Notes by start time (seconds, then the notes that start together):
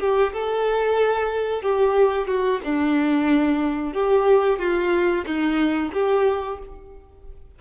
0.00 G4
0.33 A4
1.62 G4
2.27 F#4
2.64 D4
3.94 G4
4.59 F4
5.26 D#4
5.93 G4